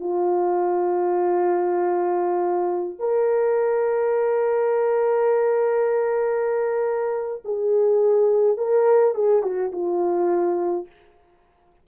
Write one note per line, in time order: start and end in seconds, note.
0.00 2.99 F4
2.99 7.42 A#4
7.45 8.57 G#4
8.57 9.15 A#4
9.15 9.43 G#4
9.43 9.71 F#4
9.72 10.86 F4